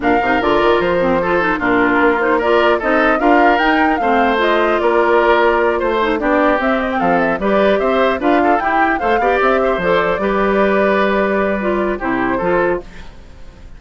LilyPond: <<
  \new Staff \with { instrumentName = "flute" } { \time 4/4 \tempo 4 = 150 f''4 d''4 c''2 | ais'4. c''8 d''4 dis''4 | f''4 g''4 f''4 dis''4 | d''2~ d''8 c''4 d''8~ |
d''8 e''8 dis''16 g''16 f''8 e''8 d''4 e''8~ | e''8 f''4 g''4 f''4 e''8~ | e''8 d''2.~ d''8~ | d''2 c''2 | }
  \new Staff \with { instrumentName = "oboe" } { \time 4/4 ais'2. a'4 | f'2 ais'4 a'4 | ais'2 c''2 | ais'2~ ais'8 c''4 g'8~ |
g'4. a'4 b'4 c''8~ | c''8 b'8 a'8 g'4 c''8 d''4 | c''4. b'2~ b'8~ | b'2 g'4 a'4 | }
  \new Staff \with { instrumentName = "clarinet" } { \time 4/4 d'8 dis'8 f'4. c'8 f'8 dis'8 | d'4. dis'8 f'4 dis'4 | f'4 dis'4 c'4 f'4~ | f'2. dis'8 d'8~ |
d'8 c'2 g'4.~ | g'8 f'4 e'4 a'8 g'4~ | g'8 a'4 g'2~ g'8~ | g'4 f'4 e'4 f'4 | }
  \new Staff \with { instrumentName = "bassoon" } { \time 4/4 ais,8 c8 d8 dis8 f2 | ais,4 ais2 c'4 | d'4 dis'4 a2 | ais2~ ais8 a4 b8~ |
b8 c'4 f4 g4 c'8~ | c'8 d'4 e'4 a8 b8 c'8~ | c'8 f4 g2~ g8~ | g2 c4 f4 | }
>>